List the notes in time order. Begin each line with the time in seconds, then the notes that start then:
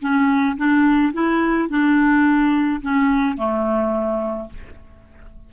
0.00 C#4
0.57 D4
1.13 E4
1.68 D4
2.82 C#4
3.37 A3